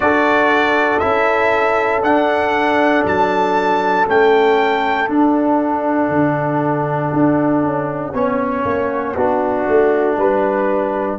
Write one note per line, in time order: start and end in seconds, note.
0.00 1.00 D4
0.00 1.00 F#4
0.00 8.14 A4
0.00 0.99 D5
0.99 2.02 C#4
0.99 2.02 E4
0.99 2.00 E5
2.02 3.04 D4
2.02 4.06 D4
2.02 3.04 F#5
3.04 4.06 F#3
3.04 4.07 A5
4.06 5.08 A3
4.06 5.08 C#4
4.06 5.09 G5
5.08 8.13 D4
5.08 6.09 D4
5.08 11.19 F#5
6.09 7.10 D3
7.13 7.63 D4
7.63 8.13 C#4
8.13 8.64 B3
8.13 9.16 C#4
8.13 9.14 C#5
8.64 9.15 A#3
9.14 9.67 B3
9.14 11.19 D4
9.14 10.16 F#4
9.68 10.17 A3
10.17 11.18 G3
10.17 11.19 B4